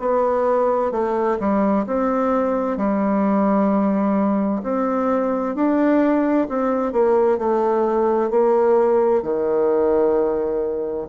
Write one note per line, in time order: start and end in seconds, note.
0.00 0.92 B3
0.92 1.38 A3
1.40 1.86 G3
1.87 2.78 C4
2.78 4.62 G3
4.63 5.56 C4
5.56 6.48 D4
6.49 6.93 C4
6.93 7.38 A#3
7.38 8.31 A3
8.31 9.23 A#3
9.23 11.08 D#3